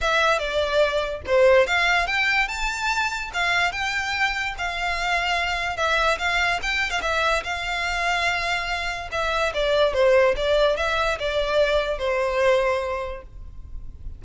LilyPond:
\new Staff \with { instrumentName = "violin" } { \time 4/4 \tempo 4 = 145 e''4 d''2 c''4 | f''4 g''4 a''2 | f''4 g''2 f''4~ | f''2 e''4 f''4 |
g''8. f''16 e''4 f''2~ | f''2 e''4 d''4 | c''4 d''4 e''4 d''4~ | d''4 c''2. | }